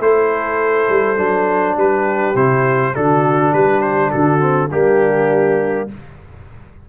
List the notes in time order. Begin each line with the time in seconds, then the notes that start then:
0.00 A3 E4 A4 C5
0.90 G3
1.17 F#3 D4
1.77 G3 G4 B4
2.35 C3 E4 C5
2.95 D3 D4 F#4 A4
3.53 G3 G4 B4
3.82 C5
4.11 D3 F#4 A4
4.40 C4
4.71 G3 A#3 D4 G4